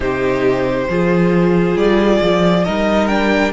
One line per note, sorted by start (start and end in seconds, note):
0.00 0.87 C3
0.00 0.87 D#4
0.00 0.88 G4
0.00 1.77 C5
0.89 1.75 F3
0.89 2.66 F4
0.89 2.65 G#4
1.75 2.19 G3
1.75 2.63 D5
2.21 2.65 F3
2.63 3.52 G3
2.63 3.08 D#4
2.63 3.52 A#4
2.63 3.07 D#5
3.07 3.52 D4
3.07 3.51 G5